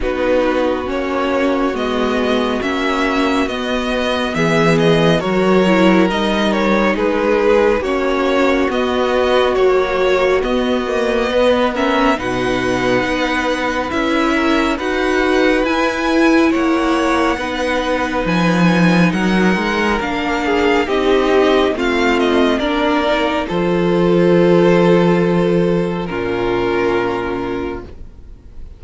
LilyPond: <<
  \new Staff \with { instrumentName = "violin" } { \time 4/4 \tempo 4 = 69 b'4 cis''4 dis''4 e''4 | dis''4 e''8 dis''8 cis''4 dis''8 cis''8 | b'4 cis''4 dis''4 cis''4 | dis''4. e''8 fis''2 |
e''4 fis''4 gis''4 fis''4~ | fis''4 gis''4 fis''4 f''4 | dis''4 f''8 dis''8 d''4 c''4~ | c''2 ais'2 | }
  \new Staff \with { instrumentName = "violin" } { \time 4/4 fis'1~ | fis'4 gis'4 ais'2 | gis'4 fis'2.~ | fis'4 b'8 ais'8 b'2~ |
b'8 ais'8 b'2 cis''4 | b'2 ais'4. gis'8 | g'4 f'4 ais'4 a'4~ | a'2 f'2 | }
  \new Staff \with { instrumentName = "viola" } { \time 4/4 dis'4 cis'4 b4 cis'4 | b2 fis'8 e'8 dis'4~ | dis'4 cis'4 b4 fis4 | b8 ais8 b8 cis'8 dis'2 |
e'4 fis'4 e'2 | dis'2. d'4 | dis'4 c'4 d'8 dis'8 f'4~ | f'2 cis'2 | }
  \new Staff \with { instrumentName = "cello" } { \time 4/4 b4 ais4 gis4 ais4 | b4 e4 fis4 g4 | gis4 ais4 b4 ais4 | b2 b,4 b4 |
cis'4 dis'4 e'4 ais4 | b4 f4 fis8 gis8 ais4 | c'4 a4 ais4 f4~ | f2 ais,2 | }
>>